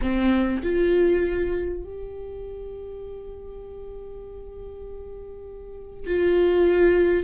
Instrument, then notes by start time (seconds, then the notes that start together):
viola
0.01 C4
0.63 F4
1.83 G4
6.06 F4